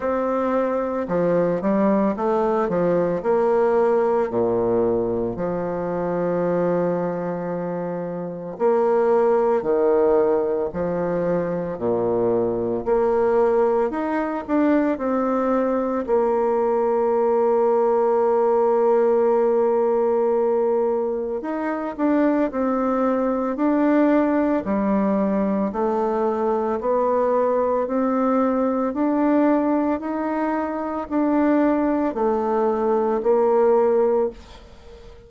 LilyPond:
\new Staff \with { instrumentName = "bassoon" } { \time 4/4 \tempo 4 = 56 c'4 f8 g8 a8 f8 ais4 | ais,4 f2. | ais4 dis4 f4 ais,4 | ais4 dis'8 d'8 c'4 ais4~ |
ais1 | dis'8 d'8 c'4 d'4 g4 | a4 b4 c'4 d'4 | dis'4 d'4 a4 ais4 | }